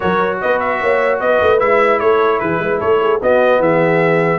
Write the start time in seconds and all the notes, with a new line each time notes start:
0.00 F#3 F#4 A#4 C#5
0.41 B3 B4 D#5
0.59 E5
0.81 A#3 C#5
1.20 B3 B4 D#5
1.41 A3
1.59 G#3 E4 E5
1.99 A3 A4 C#5
2.39 E3 G#4 B4
2.59 G#3 B4
2.79 A3 A4 C#5
3.01 G#4
3.20 B3 F#4 D#5
3.59 E3 G#4 E5